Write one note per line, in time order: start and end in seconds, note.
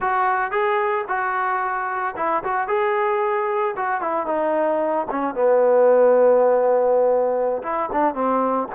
0.00 0.51 F#4
0.51 1.04 G#4
1.08 2.15 F#4
2.16 2.43 E4
2.43 2.67 F#4
2.67 3.75 G#4
3.76 4.01 F#4
4.01 4.26 E4
4.26 5.06 D#4
5.10 5.34 C#4
5.34 7.62 B3
7.62 7.89 E4
7.92 8.14 D4
8.14 8.68 C4